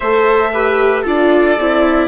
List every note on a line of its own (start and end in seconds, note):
0.00 1.05 A3
0.00 0.52 A4
0.00 0.52 C5
0.00 1.03 E5
0.52 1.04 G4
0.52 1.02 B4
1.02 1.57 D4
1.02 1.57 F4
1.02 2.07 A4
1.02 2.07 D5
1.60 2.07 C4
1.60 2.07 E4